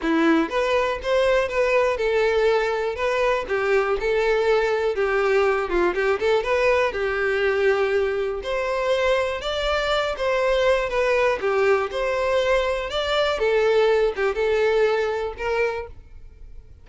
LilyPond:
\new Staff \with { instrumentName = "violin" } { \time 4/4 \tempo 4 = 121 e'4 b'4 c''4 b'4 | a'2 b'4 g'4 | a'2 g'4. f'8 | g'8 a'8 b'4 g'2~ |
g'4 c''2 d''4~ | d''8 c''4. b'4 g'4 | c''2 d''4 a'4~ | a'8 g'8 a'2 ais'4 | }